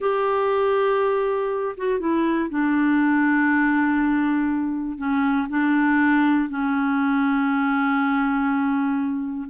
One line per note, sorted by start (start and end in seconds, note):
0.00 1.75 G4
1.77 1.99 F#4
1.99 2.49 E4
2.49 4.97 D4
4.97 5.47 C#4
5.49 6.49 D4
6.49 9.49 C#4